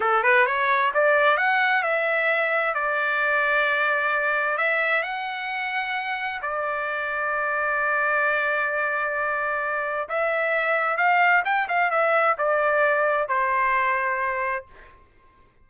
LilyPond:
\new Staff \with { instrumentName = "trumpet" } { \time 4/4 \tempo 4 = 131 a'8 b'8 cis''4 d''4 fis''4 | e''2 d''2~ | d''2 e''4 fis''4~ | fis''2 d''2~ |
d''1~ | d''2 e''2 | f''4 g''8 f''8 e''4 d''4~ | d''4 c''2. | }